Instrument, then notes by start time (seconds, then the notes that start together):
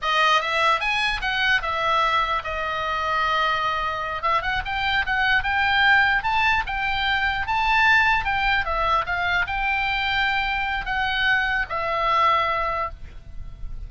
oboe
0.01 D#5
0.41 E5
0.80 G#5
1.21 F#5
1.62 E5
2.44 D#5
4.22 E5
4.42 F#5
4.65 G5
5.06 F#5
5.43 G5
6.23 A5
6.66 G5
7.47 A5
8.25 G5
8.65 E5
9.05 F5
9.46 G5
10.85 F#5
11.69 E5